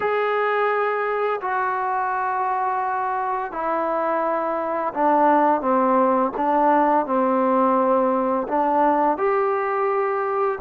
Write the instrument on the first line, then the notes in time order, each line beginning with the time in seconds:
trombone
0.00 G#4
1.41 F#4
3.52 E4
4.93 D4
5.61 C4
6.36 D4
7.06 C4
8.48 D4
9.17 G4